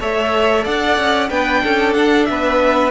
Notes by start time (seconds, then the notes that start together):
0.00 A3 A4 C#5 E5
0.65 D4 D5 F#5
0.98 C#4
1.30 B3 D4 B4 G5
1.64 C#4 A4
1.94 D4 F#5
2.26 B3 E5
2.32 B4